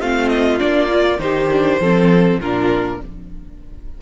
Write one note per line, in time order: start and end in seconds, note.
0.00 0.60 A3
0.00 0.59 C4
0.00 1.20 F4
0.00 0.28 F5
0.28 0.58 D#5
0.59 1.19 A#3
0.59 0.89 D4
0.59 1.20 D5
0.90 1.18 F4
1.18 1.79 D#3
1.18 1.48 D#4
1.18 1.81 G4
1.18 2.40 C5
1.51 1.81 D4
1.80 2.37 F3
1.80 2.41 C4
1.80 2.40 A4
2.37 2.97 A#2
2.37 3.02 D4
2.37 3.00 F4
2.37 3.01 A#4